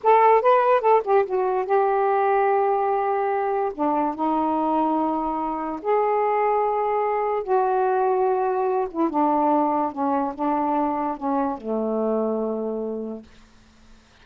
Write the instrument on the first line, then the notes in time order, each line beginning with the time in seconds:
saxophone
0.03 A4
0.41 B4
0.81 A4
1.04 G4
1.25 F#4
1.65 G4
3.74 D4
4.14 D#4
5.82 G#4
7.43 F#4
8.90 E4
9.09 D4
9.92 C#4
10.34 D4
11.17 C#4
11.57 A3